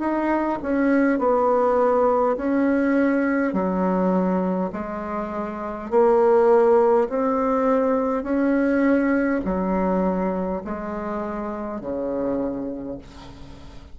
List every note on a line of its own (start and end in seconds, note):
0.00 0.59 D#4
0.63 1.19 C#4
1.19 2.36 B3
2.37 3.53 C#4
3.53 4.71 F#3
4.73 5.90 G#3
5.91 7.09 A#3
7.10 8.24 C4
8.24 9.41 C#4
9.45 10.63 F#3
10.65 11.81 G#3
11.81 12.98 C#3